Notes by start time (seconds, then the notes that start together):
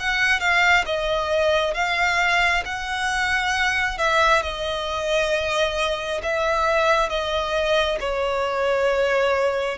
0.00 F#5
0.40 F5
0.86 D#5
1.74 F5
2.65 F#5
3.98 E5
4.42 D#5
6.23 E5
7.09 D#5
8.00 C#5